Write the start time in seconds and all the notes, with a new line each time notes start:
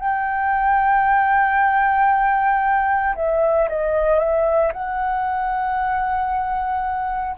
0.00 G5
3.16 E5
3.69 D#5
4.20 E5
4.73 F#5